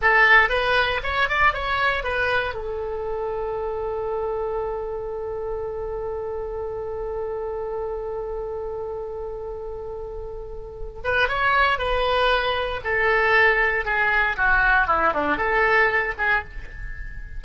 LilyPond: \new Staff \with { instrumentName = "oboe" } { \time 4/4 \tempo 4 = 117 a'4 b'4 cis''8 d''8 cis''4 | b'4 a'2.~ | a'1~ | a'1~ |
a'1~ | a'4. b'8 cis''4 b'4~ | b'4 a'2 gis'4 | fis'4 e'8 d'8 a'4. gis'8 | }